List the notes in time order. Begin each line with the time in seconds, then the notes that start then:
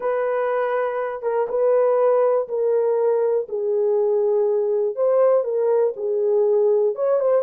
0.00 B4
1.22 A#4
1.49 B4
2.48 A#4
3.48 G#4
4.95 C5
5.44 A#4
5.96 G#4
6.95 C#5
7.20 C5